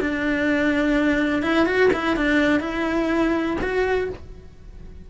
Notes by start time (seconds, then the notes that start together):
0.00 D4
1.42 E4
1.65 F#4
1.93 E4
2.16 D4
2.60 E4
3.61 F#4